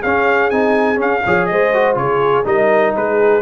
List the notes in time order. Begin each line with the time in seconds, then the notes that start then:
0.00 C#4 G#4 F5
0.50 C4 D#4 G#5
0.96 C#4 F5
1.24 F3 G#4 C#5
1.46 G#3 C5 D#5
1.73 F#4
1.94 C#3 F4 G#4 C#5
2.44 G3 D#4 A#4 D#5
2.96 G#3 G#4 B4